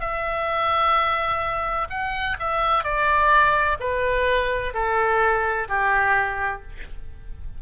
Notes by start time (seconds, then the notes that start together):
0.00 E5
1.90 F#5
2.39 E5
2.84 D5
3.80 B4
4.74 A4
5.68 G4